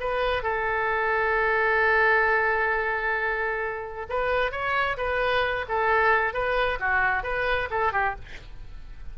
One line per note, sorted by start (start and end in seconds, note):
0.00 0.43 B4
0.43 4.06 A4
4.09 4.51 B4
4.51 4.97 C#5
4.97 5.65 B4
5.68 6.33 A4
6.33 6.79 B4
6.79 7.23 F#4
7.23 7.69 B4
7.70 7.92 A4
7.92 8.15 G4